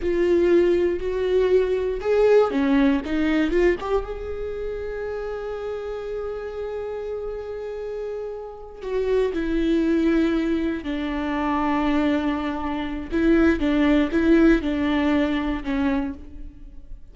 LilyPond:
\new Staff \with { instrumentName = "viola" } { \time 4/4 \tempo 4 = 119 f'2 fis'2 | gis'4 cis'4 dis'4 f'8 g'8 | gis'1~ | gis'1~ |
gis'4. fis'4 e'4.~ | e'4. d'2~ d'8~ | d'2 e'4 d'4 | e'4 d'2 cis'4 | }